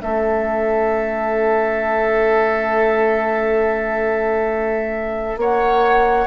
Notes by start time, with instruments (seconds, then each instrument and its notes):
0.00 bassoon A3, clarinet C#4, oboe A4, flute E5
5.36 bassoon A#3, oboe C#5, flute F#5